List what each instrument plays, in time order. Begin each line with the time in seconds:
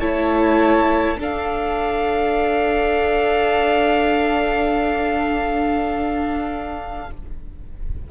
0.00 cello A3, viola E4, violin C#5 A5
1.16 cello D4, viola D4, violin A4
1.23 violin F5